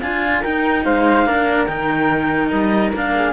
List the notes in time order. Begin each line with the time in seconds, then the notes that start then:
0.00 D4 F4 G#5
0.41 D#4 A#4 G5
0.84 G#3 C5 F5
1.26 A#3 D4 A#4
1.66 D#3 D#4 G5
2.49 G3 D#5
2.92 A#3 D4 F5
3.14 G#4